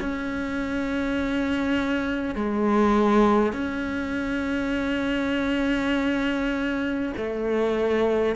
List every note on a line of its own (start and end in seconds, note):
0.00 2.36 C#4
2.36 3.53 G#3
3.53 7.13 C#4
7.17 8.36 A3